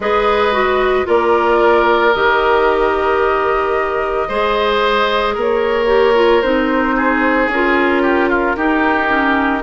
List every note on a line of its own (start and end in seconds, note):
0.00 1.04 G#3
0.00 0.52 G#4
0.00 1.07 B4
0.00 1.08 D#5
0.52 1.04 F#4
1.04 2.15 A#3
1.04 2.11 F4
1.04 4.28 A#4
1.04 2.13 D5
2.13 4.29 D#3
2.13 4.29 G4
2.13 5.35 D#5
4.28 5.36 G#3
4.28 5.86 G#4
4.28 5.34 C5
5.34 6.43 A#3
5.34 6.95 A#4
5.40 6.42 C#5
5.86 6.13 G4
6.15 6.41 F4
6.42 7.48 C4
6.42 7.50 D#4
6.42 7.49 C5
6.96 8.02 G#4
7.48 8.55 C#4
7.48 8.56 F4
7.48 9.63 A#4
8.02 8.29 G4
8.29 8.56 F4
8.56 9.08 D#4
8.56 9.63 D#4
8.56 9.63 G4
9.08 9.61 C#4